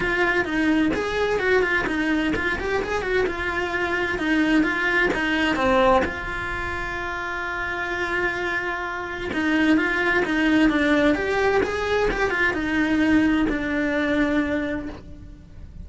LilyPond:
\new Staff \with { instrumentName = "cello" } { \time 4/4 \tempo 4 = 129 f'4 dis'4 gis'4 fis'8 f'8 | dis'4 f'8 g'8 gis'8 fis'8 f'4~ | f'4 dis'4 f'4 dis'4 | c'4 f'2.~ |
f'1 | dis'4 f'4 dis'4 d'4 | g'4 gis'4 g'8 f'8 dis'4~ | dis'4 d'2. | }